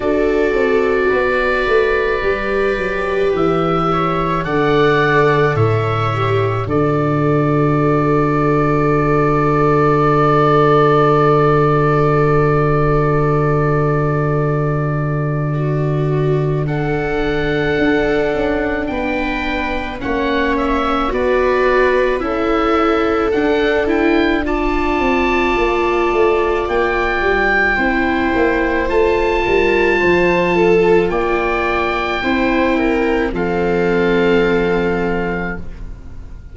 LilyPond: <<
  \new Staff \with { instrumentName = "oboe" } { \time 4/4 \tempo 4 = 54 d''2. e''4 | fis''4 e''4 d''2~ | d''1~ | d''2. fis''4~ |
fis''4 g''4 fis''8 e''8 d''4 | e''4 fis''8 g''8 a''2 | g''2 a''2 | g''2 f''2 | }
  \new Staff \with { instrumentName = "viola" } { \time 4/4 a'4 b'2~ b'8 cis''8 | d''4 cis''4 a'2~ | a'1~ | a'2 fis'4 a'4~ |
a'4 b'4 cis''4 b'4 | a'2 d''2~ | d''4 c''4. ais'8 c''8 a'8 | d''4 c''8 ais'8 a'2 | }
  \new Staff \with { instrumentName = "viola" } { \time 4/4 fis'2 g'2 | a'4. g'8 fis'2~ | fis'1~ | fis'2. d'4~ |
d'2 cis'4 fis'4 | e'4 d'8 e'8 f'2~ | f'4 e'4 f'2~ | f'4 e'4 c'2 | }
  \new Staff \with { instrumentName = "tuba" } { \time 4/4 d'8 c'8 b8 a8 g8 fis8 e4 | d4 a,4 d2~ | d1~ | d1 |
d'8 cis'8 b4 ais4 b4 | cis'4 d'4. c'8 ais8 a8 | ais8 g8 c'8 ais8 a8 g8 f4 | ais4 c'4 f2 | }
>>